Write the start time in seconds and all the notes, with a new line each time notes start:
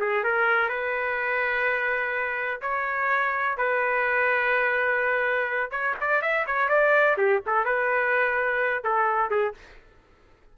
0.00 G#4
0.24 A#4
0.69 B4
2.62 C#5
3.58 B4
5.71 C#5
6.01 D5
6.22 E5
6.47 C#5
6.69 D5
7.18 G4
7.46 A4
7.65 B4
8.84 A4
9.30 G#4